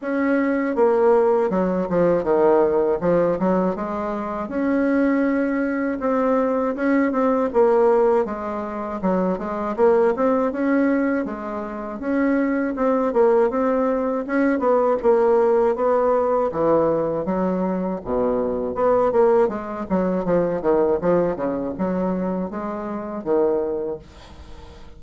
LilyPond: \new Staff \with { instrumentName = "bassoon" } { \time 4/4 \tempo 4 = 80 cis'4 ais4 fis8 f8 dis4 | f8 fis8 gis4 cis'2 | c'4 cis'8 c'8 ais4 gis4 | fis8 gis8 ais8 c'8 cis'4 gis4 |
cis'4 c'8 ais8 c'4 cis'8 b8 | ais4 b4 e4 fis4 | b,4 b8 ais8 gis8 fis8 f8 dis8 | f8 cis8 fis4 gis4 dis4 | }